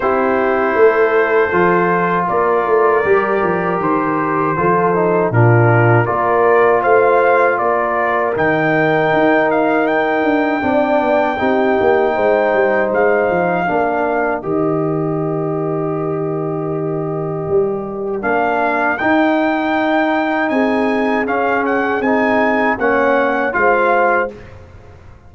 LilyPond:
<<
  \new Staff \with { instrumentName = "trumpet" } { \time 4/4 \tempo 4 = 79 c''2. d''4~ | d''4 c''2 ais'4 | d''4 f''4 d''4 g''4~ | g''8 f''8 g''2.~ |
g''4 f''2 dis''4~ | dis''1 | f''4 g''2 gis''4 | f''8 fis''8 gis''4 fis''4 f''4 | }
  \new Staff \with { instrumentName = "horn" } { \time 4/4 g'4 a'2 ais'4~ | ais'2 a'4 f'4 | ais'4 c''4 ais'2~ | ais'2 d''4 g'4 |
c''2 ais'2~ | ais'1~ | ais'2. gis'4~ | gis'2 cis''4 c''4 | }
  \new Staff \with { instrumentName = "trombone" } { \time 4/4 e'2 f'2 | g'2 f'8 dis'8 d'4 | f'2. dis'4~ | dis'2 d'4 dis'4~ |
dis'2 d'4 g'4~ | g'1 | d'4 dis'2. | cis'4 dis'4 cis'4 f'4 | }
  \new Staff \with { instrumentName = "tuba" } { \time 4/4 c'4 a4 f4 ais8 a8 | g8 f8 dis4 f4 ais,4 | ais4 a4 ais4 dis4 | dis'4. d'8 c'8 b8 c'8 ais8 |
gis8 g8 gis8 f8 ais4 dis4~ | dis2. g4 | ais4 dis'2 c'4 | cis'4 c'4 ais4 gis4 | }
>>